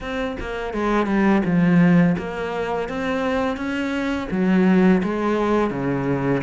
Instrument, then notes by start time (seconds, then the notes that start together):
cello
0.01 C4
0.40 A#3
0.73 G#3
1.06 G3
1.44 F3
2.18 A#3
2.88 C4
3.56 C#4
4.31 F#3
5.03 G#3
5.70 C#3